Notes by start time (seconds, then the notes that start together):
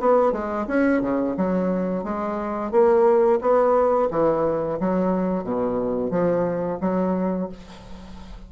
0.00 B3
0.33 G#3
0.68 C#4
1.02 C#3
1.38 F#3
2.04 G#3
2.72 A#3
3.42 B3
4.11 E3
4.80 F#3
5.44 B2
6.11 F3
6.81 F#3